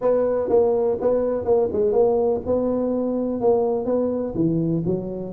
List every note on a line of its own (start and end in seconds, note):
0.01 0.49 B3
0.49 0.97 A#3
1.01 1.44 B3
1.44 1.68 A#3
1.72 1.92 G#3
1.92 2.40 A#3
2.46 3.40 B3
3.40 3.85 A#3
3.85 4.33 B3
4.34 4.83 E3
4.85 5.32 F#3